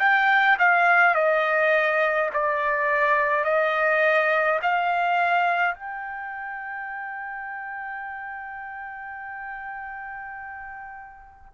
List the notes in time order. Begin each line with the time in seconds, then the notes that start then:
0.00 G5
0.59 F5
1.15 D#5
2.34 D5
3.45 D#5
4.63 F5
5.75 G5